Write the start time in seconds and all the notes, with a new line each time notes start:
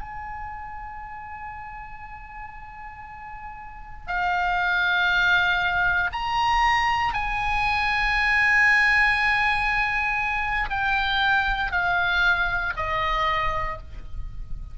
0.00 G#5
4.07 F5
6.12 A#5
7.13 G#5
10.70 G5
11.71 F5
12.76 D#5